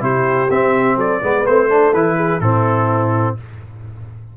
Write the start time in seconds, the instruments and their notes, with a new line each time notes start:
0.00 tuba C3, trombone E4, horn G4, trumpet C5
0.50 tuba C4, trombone C4, trumpet E5
0.96 tuba F#3, horn A4, trumpet D5
1.21 tuba G#3, trombone B3, horn B4
1.46 tuba A3, trombone C4, trumpet C5
1.68 trombone D4, horn A4
1.93 tuba E3, trombone E4, trumpet B4
2.16 horn G#4
2.40 tuba A2, trombone C4, horn E4, trumpet A4